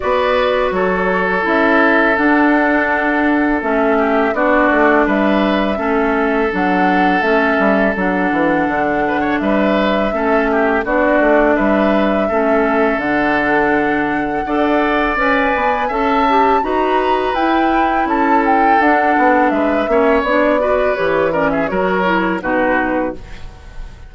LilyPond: <<
  \new Staff \with { instrumentName = "flute" } { \time 4/4 \tempo 4 = 83 d''4 cis''4 e''4 fis''4~ | fis''4 e''4 d''4 e''4~ | e''4 fis''4 e''4 fis''4~ | fis''4 e''2 d''4 |
e''2 fis''2~ | fis''4 gis''4 a''4 ais''4 | g''4 a''8 g''8 fis''4 e''4 | d''4 cis''8 d''16 e''16 cis''4 b'4 | }
  \new Staff \with { instrumentName = "oboe" } { \time 4/4 b'4 a'2.~ | a'4. g'8 fis'4 b'4 | a'1~ | a'8 b'16 cis''16 b'4 a'8 g'8 fis'4 |
b'4 a'2. | d''2 e''4 b'4~ | b'4 a'2 b'8 cis''8~ | cis''8 b'4 ais'16 gis'16 ais'4 fis'4 | }
  \new Staff \with { instrumentName = "clarinet" } { \time 4/4 fis'2 e'4 d'4~ | d'4 cis'4 d'2 | cis'4 d'4 cis'4 d'4~ | d'2 cis'4 d'4~ |
d'4 cis'4 d'2 | a'4 b'4 a'8 g'8 fis'4 | e'2 d'4. cis'8 | d'8 fis'8 g'8 cis'8 fis'8 e'8 dis'4 | }
  \new Staff \with { instrumentName = "bassoon" } { \time 4/4 b4 fis4 cis'4 d'4~ | d'4 a4 b8 a8 g4 | a4 fis4 a8 g8 fis8 e8 | d4 g4 a4 b8 a8 |
g4 a4 d2 | d'4 cis'8 b8 cis'4 dis'4 | e'4 cis'4 d'8 b8 gis8 ais8 | b4 e4 fis4 b,4 | }
>>